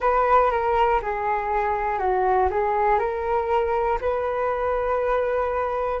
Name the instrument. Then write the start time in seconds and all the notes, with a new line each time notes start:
flute
0.00 B4
0.50 A#4
1.02 G#4
1.98 F#4
2.50 G#4
2.99 A#4
4.00 B4